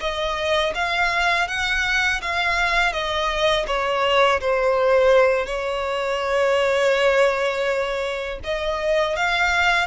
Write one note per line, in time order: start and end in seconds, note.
0.00 0.73 D#5
0.75 1.48 F5
1.48 2.21 F#5
2.21 2.93 F5
2.93 3.66 D#5
3.67 4.40 C#5
4.41 5.46 C5
5.46 8.39 C#5
8.44 9.16 D#5
9.16 9.87 F5